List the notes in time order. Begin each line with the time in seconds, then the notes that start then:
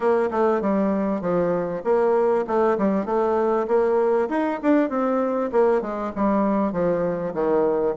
0.00 A#3
0.31 A3
0.61 G3
1.21 F3
1.84 A#3
2.47 A3
2.77 G3
3.05 A3
3.67 A#3
4.29 D#4
4.62 D4
4.89 C4
5.52 A#3
5.81 G#3
6.15 G3
6.72 F3
7.34 D#3